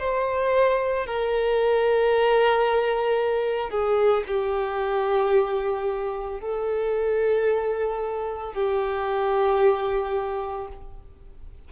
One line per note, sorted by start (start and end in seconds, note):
0.00 1.07 C5
1.07 3.71 A#4
3.71 4.24 G#4
4.28 6.41 G4
6.41 8.54 A4
8.54 10.69 G4